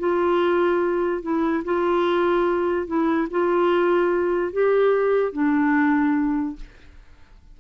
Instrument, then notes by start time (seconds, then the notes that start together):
clarinet
0.00 F4
1.23 E4
1.65 F4
2.87 E4
3.31 F4
4.53 G4
5.33 D4